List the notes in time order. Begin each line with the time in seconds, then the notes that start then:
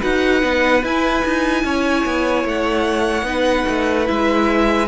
0.00 D#4 F#4 B4 F#5
0.41 B3 D#4
0.83 E4 G#5
1.25 D#4
1.64 C#4 C#5
2.06 B3
2.44 A3 F#5
3.23 B3 D#4 B4
3.68 A3
4.05 G#3 E4 E5